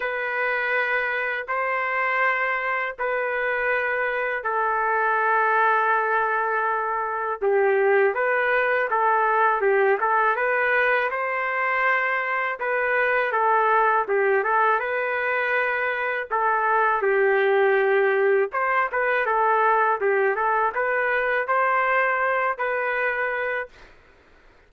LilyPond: \new Staff \with { instrumentName = "trumpet" } { \time 4/4 \tempo 4 = 81 b'2 c''2 | b'2 a'2~ | a'2 g'4 b'4 | a'4 g'8 a'8 b'4 c''4~ |
c''4 b'4 a'4 g'8 a'8 | b'2 a'4 g'4~ | g'4 c''8 b'8 a'4 g'8 a'8 | b'4 c''4. b'4. | }